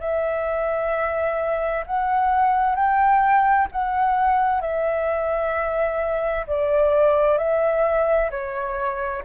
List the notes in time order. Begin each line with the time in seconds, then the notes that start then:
0.00 E5
1.86 F#5
2.75 G5
3.72 F#5
4.61 E5
6.47 D5
7.38 E5
8.31 C#5